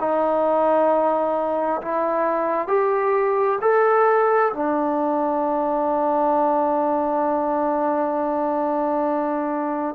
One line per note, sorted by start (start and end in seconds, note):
0.00 1.82 D#4
1.82 2.68 E4
2.68 3.59 G4
3.62 4.52 A4
4.54 9.95 D4